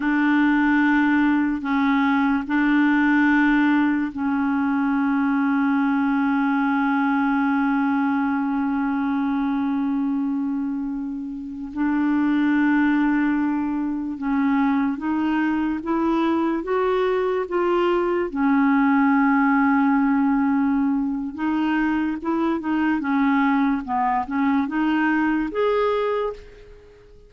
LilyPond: \new Staff \with { instrumentName = "clarinet" } { \time 4/4 \tempo 4 = 73 d'2 cis'4 d'4~ | d'4 cis'2.~ | cis'1~ | cis'2~ cis'16 d'4.~ d'16~ |
d'4~ d'16 cis'4 dis'4 e'8.~ | e'16 fis'4 f'4 cis'4.~ cis'16~ | cis'2 dis'4 e'8 dis'8 | cis'4 b8 cis'8 dis'4 gis'4 | }